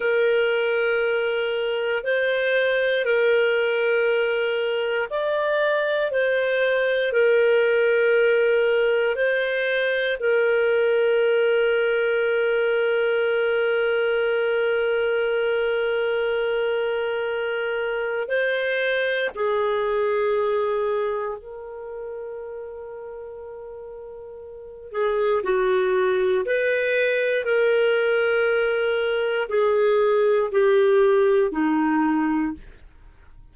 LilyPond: \new Staff \with { instrumentName = "clarinet" } { \time 4/4 \tempo 4 = 59 ais'2 c''4 ais'4~ | ais'4 d''4 c''4 ais'4~ | ais'4 c''4 ais'2~ | ais'1~ |
ais'2 c''4 gis'4~ | gis'4 ais'2.~ | ais'8 gis'8 fis'4 b'4 ais'4~ | ais'4 gis'4 g'4 dis'4 | }